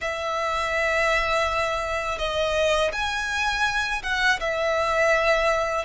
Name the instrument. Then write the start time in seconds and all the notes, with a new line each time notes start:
violin
0.01 E5
2.18 D#5
2.92 G#5
4.02 F#5
4.40 E5